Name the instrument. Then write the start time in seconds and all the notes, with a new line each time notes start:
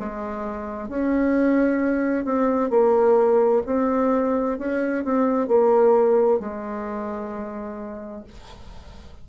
bassoon
0.00 G#3
0.89 C#4
2.25 C4
2.70 A#3
3.66 C4
4.59 C#4
5.05 C4
5.48 A#3
6.40 G#3